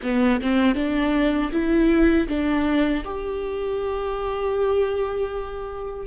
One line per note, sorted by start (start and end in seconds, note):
0.02 0.40 B3
0.41 0.75 C4
0.75 1.51 D4
1.52 2.28 E4
2.28 3.04 D4
3.04 6.06 G4